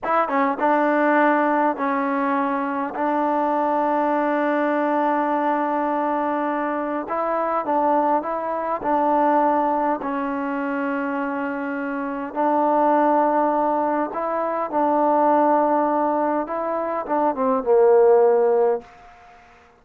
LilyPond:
\new Staff \with { instrumentName = "trombone" } { \time 4/4 \tempo 4 = 102 e'8 cis'8 d'2 cis'4~ | cis'4 d'2.~ | d'1 | e'4 d'4 e'4 d'4~ |
d'4 cis'2.~ | cis'4 d'2. | e'4 d'2. | e'4 d'8 c'8 ais2 | }